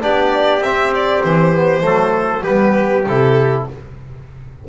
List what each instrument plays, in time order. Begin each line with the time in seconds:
0.00 double bass B3, trombone D4, trumpet G4, violin D5
0.60 double bass C4, trombone C4, violin E5
0.95 violin D5
1.24 double bass E3, violin C5
1.55 trombone B3
1.81 double bass F#3, trombone A3, trumpet A4
2.43 double bass G3, trombone B3, trumpet G4, violin B4
3.07 double bass C3, trombone E4, violin A4